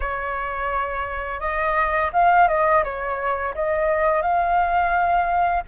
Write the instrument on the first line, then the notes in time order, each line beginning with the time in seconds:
flute
0.00 C#5
1.40 D#5
2.12 F5
2.48 D#5
2.84 C#5
3.55 D#5
4.22 F5